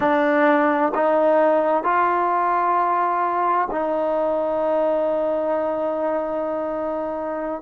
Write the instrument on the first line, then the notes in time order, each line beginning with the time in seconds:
trombone
0.00 D4
0.94 D#4
1.83 F4
3.70 D#4